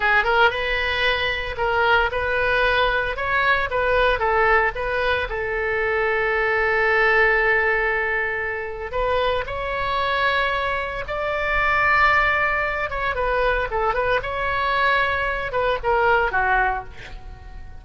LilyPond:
\new Staff \with { instrumentName = "oboe" } { \time 4/4 \tempo 4 = 114 gis'8 ais'8 b'2 ais'4 | b'2 cis''4 b'4 | a'4 b'4 a'2~ | a'1~ |
a'4 b'4 cis''2~ | cis''4 d''2.~ | d''8 cis''8 b'4 a'8 b'8 cis''4~ | cis''4. b'8 ais'4 fis'4 | }